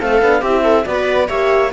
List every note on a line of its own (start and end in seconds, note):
0.00 0.22 A3
0.00 0.22 C4
0.00 0.41 A4
0.00 0.43 F5
0.22 0.42 B3
0.22 0.44 D4
0.41 0.85 C4
0.41 0.85 E4
0.41 0.62 G4
0.41 0.86 E5
0.64 0.86 A4
0.85 1.29 B3
0.85 1.28 F#4
0.85 1.28 B4
0.85 1.28 D5
1.28 1.73 A#3
1.28 1.71 G4
1.28 1.72 C#5
1.28 1.71 E5